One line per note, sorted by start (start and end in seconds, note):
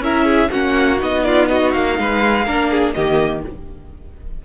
0.00 0.48 C#4
0.00 0.51 E4
0.00 0.25 A#4
0.00 0.51 E5
0.25 0.49 G#4
0.50 1.02 A#3
0.50 0.97 C#4
0.50 1.23 F#4
0.50 0.99 F#5
0.97 1.74 B3
0.97 2.43 D#4
0.97 1.23 D#5
1.23 1.49 F4
1.23 1.48 D5
1.48 1.98 F#4
1.48 1.71 D#5
1.71 1.98 A#3
1.71 2.92 F5
1.98 2.46 G#3
1.98 2.45 B4
2.45 2.95 A#3
2.45 2.95 D4
2.45 2.69 A#4
2.70 2.94 G#4
2.93 3.45 D#3
2.93 3.43 A#3
2.93 3.44 G4
2.93 3.41 D#5